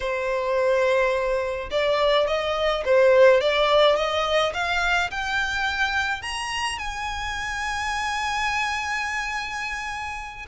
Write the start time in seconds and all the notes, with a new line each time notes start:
0.00 C5
1.71 D5
2.27 D#5
2.85 C5
3.41 D5
3.96 D#5
4.53 F5
5.10 G5
6.22 A#5
6.78 G#5